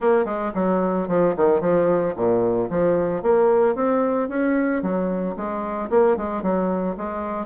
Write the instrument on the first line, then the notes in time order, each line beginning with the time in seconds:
bassoon
0.00 A#3
0.25 G#3
0.54 F#3
1.07 F3
1.36 D#3
1.60 F3
2.16 A#2
2.70 F3
3.22 A#3
3.75 C4
4.29 C#4
4.82 F#3
5.36 G#3
5.90 A#3
6.16 G#3
6.42 F#3
6.97 G#3